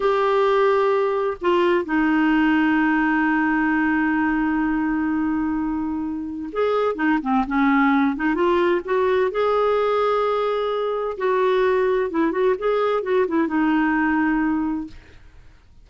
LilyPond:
\new Staff \with { instrumentName = "clarinet" } { \time 4/4 \tempo 4 = 129 g'2. f'4 | dis'1~ | dis'1~ | dis'2 gis'4 dis'8 c'8 |
cis'4. dis'8 f'4 fis'4 | gis'1 | fis'2 e'8 fis'8 gis'4 | fis'8 e'8 dis'2. | }